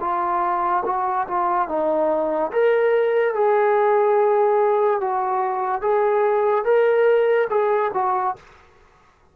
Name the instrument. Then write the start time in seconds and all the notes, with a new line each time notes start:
trombone
0.00 F4
0.85 F#4
1.28 F4
1.68 D#4
2.52 A#4
3.34 G#4
5.01 F#4
5.81 G#4
6.64 A#4
7.50 G#4
7.94 F#4